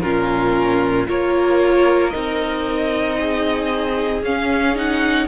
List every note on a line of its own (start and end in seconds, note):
0.00 1.08 A#2
0.00 1.07 C#4
0.00 1.07 F4
0.00 1.05 A#4
1.07 2.14 A#3
1.07 2.12 F4
1.07 3.18 A#4
1.07 2.10 C#5
2.10 4.22 C4
2.10 4.22 D#4
2.10 4.21 D#5
3.20 5.27 G#4
4.22 5.27 C#4
4.22 4.75 C#4
4.22 4.77 F5
4.75 5.27 D#4
4.75 5.27 F#5